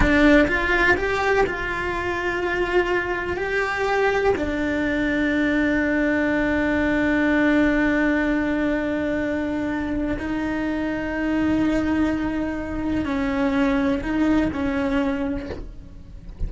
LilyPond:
\new Staff \with { instrumentName = "cello" } { \time 4/4 \tempo 4 = 124 d'4 f'4 g'4 f'4~ | f'2. g'4~ | g'4 d'2.~ | d'1~ |
d'1~ | d'4 dis'2.~ | dis'2. cis'4~ | cis'4 dis'4 cis'2 | }